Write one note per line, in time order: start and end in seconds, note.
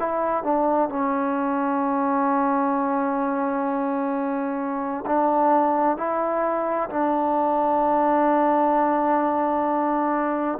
0.00 0.44 E4
0.44 0.90 D4
0.90 5.05 C#4
5.06 5.97 D4
5.97 6.90 E4
6.90 10.59 D4